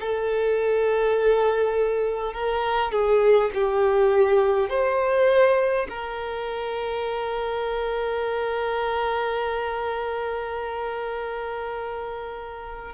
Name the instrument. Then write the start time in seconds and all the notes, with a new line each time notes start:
violin
0.00 A4
2.34 A#4
2.92 G#4
3.54 G4
4.70 C5
5.89 A#4